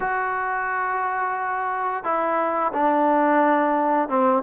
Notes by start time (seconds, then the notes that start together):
0.00 F#4
2.04 E4
2.73 D4
4.08 C4